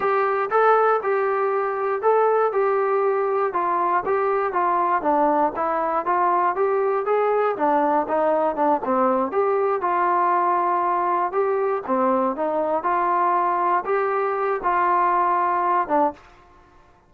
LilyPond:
\new Staff \with { instrumentName = "trombone" } { \time 4/4 \tempo 4 = 119 g'4 a'4 g'2 | a'4 g'2 f'4 | g'4 f'4 d'4 e'4 | f'4 g'4 gis'4 d'4 |
dis'4 d'8 c'4 g'4 f'8~ | f'2~ f'8 g'4 c'8~ | c'8 dis'4 f'2 g'8~ | g'4 f'2~ f'8 d'8 | }